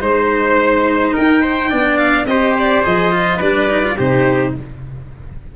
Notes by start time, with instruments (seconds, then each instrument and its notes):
0.00 tuba G#3, cello D#4, violin C5, trumpet C5
1.13 tuba D#4, trumpet A#4, violin G5
1.41 trumpet C5
1.70 tuba B3, cello D4, trumpet D5
1.97 violin F5
2.26 tuba C4, cello G4, trumpet C5, violin D#5
2.58 violin D5
2.84 tuba F3, cello G#4, violin D#5
3.11 cello F4
3.37 tuba G3, cello D4, trumpet B4, violin D5
3.70 cello D#4
3.83 cello F4
3.97 tuba C3, cello D#4, trumpet G4, violin C5